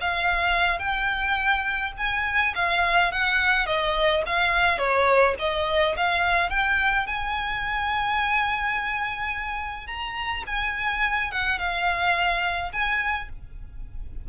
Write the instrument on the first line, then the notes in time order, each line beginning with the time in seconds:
violin
0.00 F5
0.79 G5
1.97 G#5
2.55 F5
3.11 F#5
3.66 D#5
4.26 F5
4.78 C#5
5.39 D#5
5.96 F5
6.50 G5
7.07 G#5
9.87 A#5
10.46 G#5
11.31 F#5
11.58 F5
12.72 G#5